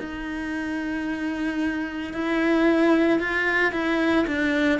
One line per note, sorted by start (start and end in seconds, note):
0.00 2.13 D#4
2.13 3.19 E4
3.19 3.73 F4
3.73 4.26 E4
4.27 4.80 D4